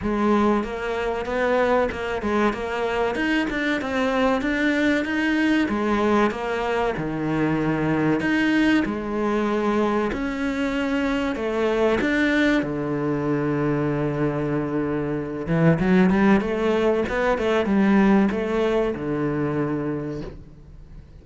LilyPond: \new Staff \with { instrumentName = "cello" } { \time 4/4 \tempo 4 = 95 gis4 ais4 b4 ais8 gis8 | ais4 dis'8 d'8 c'4 d'4 | dis'4 gis4 ais4 dis4~ | dis4 dis'4 gis2 |
cis'2 a4 d'4 | d1~ | d8 e8 fis8 g8 a4 b8 a8 | g4 a4 d2 | }